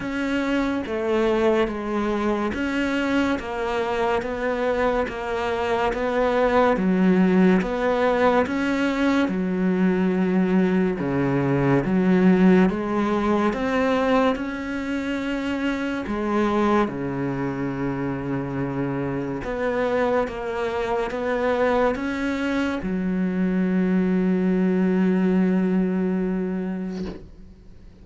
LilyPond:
\new Staff \with { instrumentName = "cello" } { \time 4/4 \tempo 4 = 71 cis'4 a4 gis4 cis'4 | ais4 b4 ais4 b4 | fis4 b4 cis'4 fis4~ | fis4 cis4 fis4 gis4 |
c'4 cis'2 gis4 | cis2. b4 | ais4 b4 cis'4 fis4~ | fis1 | }